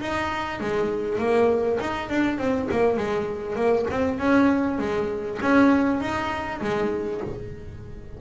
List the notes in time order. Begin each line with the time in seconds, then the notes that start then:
0.00 D#4
0.60 G#3
1.18 A#3
1.80 D#4
2.09 D4
2.38 C4
2.71 A#3
2.97 G#3
3.56 A#3
3.91 C4
4.18 C#4
4.79 G#3
5.42 C#4
6.01 D#4
6.61 G#3